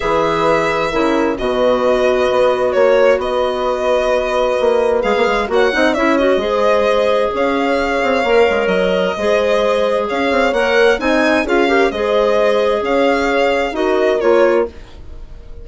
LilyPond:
<<
  \new Staff \with { instrumentName = "violin" } { \time 4/4 \tempo 4 = 131 e''2. dis''4~ | dis''2 cis''4 dis''4~ | dis''2. f''4 | fis''4 e''8 dis''2~ dis''8 |
f''2. dis''4~ | dis''2 f''4 fis''4 | gis''4 f''4 dis''2 | f''2 dis''4 cis''4 | }
  \new Staff \with { instrumentName = "horn" } { \time 4/4 b'2 ais'4 b'4~ | b'2 cis''4 b'4~ | b'1 | cis''8 dis''8 cis''4 c''2 |
cis''1 | c''2 cis''2 | dis''4 gis'8 ais'8 c''2 | cis''2 ais'2 | }
  \new Staff \with { instrumentName = "clarinet" } { \time 4/4 gis'2 e'4 fis'4~ | fis'1~ | fis'2. gis'4 | fis'8 dis'8 e'8 fis'8 gis'2~ |
gis'2 ais'2 | gis'2. ais'4 | dis'4 f'8 g'8 gis'2~ | gis'2 fis'4 f'4 | }
  \new Staff \with { instrumentName = "bassoon" } { \time 4/4 e2 cis4 b,4~ | b,4 b4 ais4 b4~ | b2 ais4 gis16 ais16 gis8 | ais8 c'8 cis'4 gis2 |
cis'4. c'8 ais8 gis8 fis4 | gis2 cis'8 c'8 ais4 | c'4 cis'4 gis2 | cis'2 dis'4 ais4 | }
>>